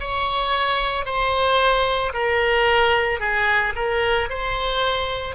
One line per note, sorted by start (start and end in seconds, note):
0.00 1.05 C#5
1.05 2.12 C5
2.13 3.20 A#4
3.20 3.74 G#4
3.75 4.29 A#4
4.29 5.35 C5